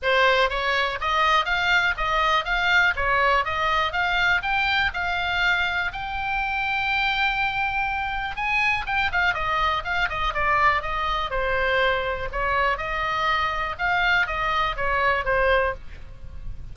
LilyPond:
\new Staff \with { instrumentName = "oboe" } { \time 4/4 \tempo 4 = 122 c''4 cis''4 dis''4 f''4 | dis''4 f''4 cis''4 dis''4 | f''4 g''4 f''2 | g''1~ |
g''4 gis''4 g''8 f''8 dis''4 | f''8 dis''8 d''4 dis''4 c''4~ | c''4 cis''4 dis''2 | f''4 dis''4 cis''4 c''4 | }